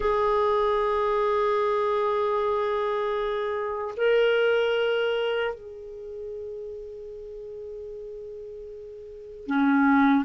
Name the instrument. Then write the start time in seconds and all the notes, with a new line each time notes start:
clarinet
0.00 G#4
3.97 A#4
5.54 G#4
9.46 C#4